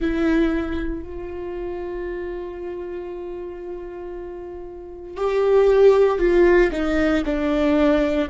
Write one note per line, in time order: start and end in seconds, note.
0.00 1.03 E4
1.03 5.17 F4
5.17 6.18 G4
6.18 6.70 F4
6.71 7.23 D#4
7.25 8.28 D4